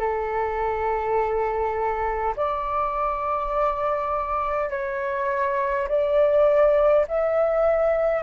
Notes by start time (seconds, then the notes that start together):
0.00 A4
2.37 D5
4.71 C#5
5.89 D5
7.08 E5